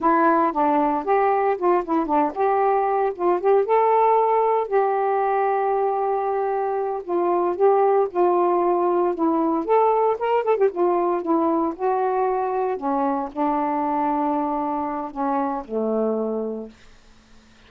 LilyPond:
\new Staff \with { instrumentName = "saxophone" } { \time 4/4 \tempo 4 = 115 e'4 d'4 g'4 f'8 e'8 | d'8 g'4. f'8 g'8 a'4~ | a'4 g'2.~ | g'4. f'4 g'4 f'8~ |
f'4. e'4 a'4 ais'8 | a'16 g'16 f'4 e'4 fis'4.~ | fis'8 cis'4 d'2~ d'8~ | d'4 cis'4 a2 | }